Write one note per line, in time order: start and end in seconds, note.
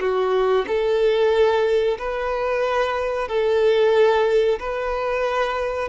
0.00 0.65 F#4
0.67 1.97 A4
1.98 3.28 B4
3.28 4.58 A4
4.59 5.88 B4